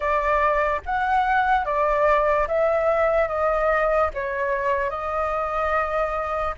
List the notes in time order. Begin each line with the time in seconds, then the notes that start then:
0.00 D5
0.85 F#5
1.65 D5
2.47 E5
3.28 D#5
4.14 C#5
4.90 D#5